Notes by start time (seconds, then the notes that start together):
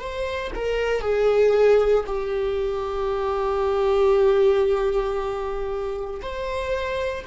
0.00 C5
0.55 A#4
1.01 G#4
2.07 G4
6.22 C5